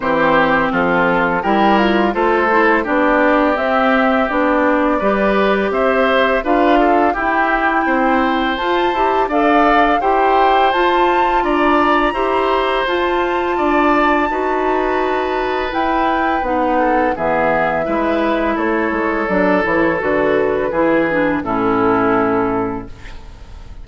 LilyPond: <<
  \new Staff \with { instrumentName = "flute" } { \time 4/4 \tempo 4 = 84 c''4 a'4 g'8 f'8 c''4 | d''4 e''4 d''2 | e''4 f''4 g''2 | a''4 f''4 g''4 a''4 |
ais''2 a''2~ | a''2 g''4 fis''4 | e''2 cis''4 d''8 cis''8 | b'2 a'2 | }
  \new Staff \with { instrumentName = "oboe" } { \time 4/4 g'4 f'4 ais'4 a'4 | g'2. b'4 | c''4 b'8 a'8 g'4 c''4~ | c''4 d''4 c''2 |
d''4 c''2 d''4 | b'2.~ b'8 a'8 | gis'4 b'4 a'2~ | a'4 gis'4 e'2 | }
  \new Staff \with { instrumentName = "clarinet" } { \time 4/4 c'2 e'4 f'8 e'8 | d'4 c'4 d'4 g'4~ | g'4 f'4 e'2 | f'8 g'8 a'4 g'4 f'4~ |
f'4 g'4 f'2 | fis'2 e'4 dis'4 | b4 e'2 d'8 e'8 | fis'4 e'8 d'8 cis'2 | }
  \new Staff \with { instrumentName = "bassoon" } { \time 4/4 e4 f4 g4 a4 | b4 c'4 b4 g4 | c'4 d'4 e'4 c'4 | f'8 e'8 d'4 e'4 f'4 |
d'4 e'4 f'4 d'4 | dis'2 e'4 b4 | e4 gis4 a8 gis8 fis8 e8 | d4 e4 a,2 | }
>>